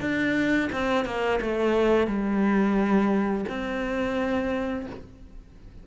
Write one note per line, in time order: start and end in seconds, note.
0.00 0.69 D4
0.72 1.05 C4
1.05 1.39 A#3
1.41 2.07 A3
2.07 3.45 G3
3.48 4.86 C4